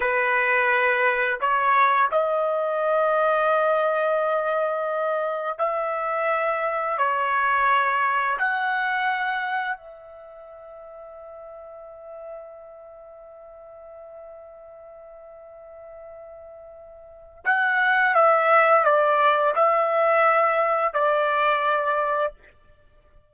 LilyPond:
\new Staff \with { instrumentName = "trumpet" } { \time 4/4 \tempo 4 = 86 b'2 cis''4 dis''4~ | dis''1 | e''2 cis''2 | fis''2 e''2~ |
e''1~ | e''1~ | e''4 fis''4 e''4 d''4 | e''2 d''2 | }